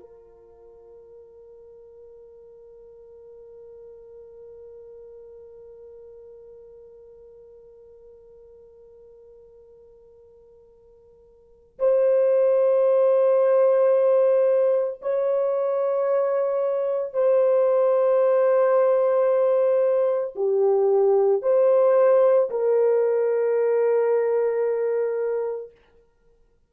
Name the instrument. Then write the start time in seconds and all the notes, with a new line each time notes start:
horn
0.00 A#4
11.79 C5
15.02 C#5
17.13 C5
20.36 G4
21.42 C5
22.50 A#4